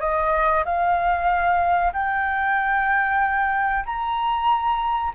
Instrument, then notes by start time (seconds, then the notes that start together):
flute
0.00 D#5
0.65 F5
1.93 G5
3.85 A#5